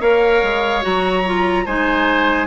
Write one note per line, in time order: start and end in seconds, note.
0.00 0.42 A#3
0.00 0.82 A#4
0.00 1.64 C#5
0.00 0.83 F5
0.43 0.84 G#3
0.82 1.66 F#3
0.82 1.23 F#4
0.82 1.66 A#5
1.26 1.67 F4
1.65 2.47 G#3
1.65 2.47 D#4
1.65 2.47 C5
1.65 2.47 G#5